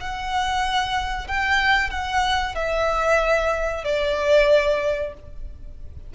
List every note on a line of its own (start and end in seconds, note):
0.00 1.27 F#5
1.27 1.90 G5
1.90 2.55 F#5
2.55 3.84 E5
3.84 5.13 D5